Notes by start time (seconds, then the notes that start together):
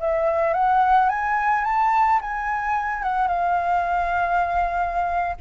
0.00 E5
0.54 F#5
1.10 G#5
1.65 A5
2.21 G#5
3.03 F#5
3.28 F5